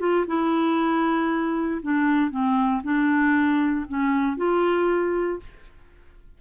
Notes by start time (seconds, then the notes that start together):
0.00 F4
0.28 E4
1.83 D4
2.31 C4
2.84 D4
3.89 C#4
4.37 F4